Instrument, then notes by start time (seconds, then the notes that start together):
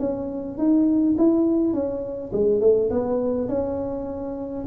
tuba
0.00 C#4
0.59 D#4
1.19 E4
1.74 C#4
2.33 G#3
2.61 A3
2.91 B3
3.49 C#4